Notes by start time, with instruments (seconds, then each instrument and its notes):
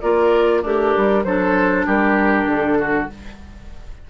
0.00 bassoon A#3, clarinet F4, oboe A#4, flute D5
0.62 bassoon A3, oboe D4, clarinet G4, flute A#4
0.96 bassoon G3
1.24 bassoon F#3, clarinet D4, oboe A4, flute C5
1.86 bassoon G3, oboe G4, flute A#4
2.45 bassoon D3, flute A4
2.79 oboe F#4